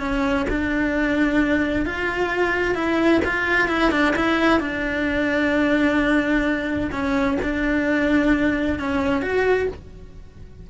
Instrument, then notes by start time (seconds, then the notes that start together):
cello
0.00 C#4
0.50 D4
1.86 F4
2.75 E4
3.25 F4
3.68 E4
3.91 D4
4.16 E4
4.60 D4
6.92 C#4
7.43 D4
8.80 C#4
9.22 F#4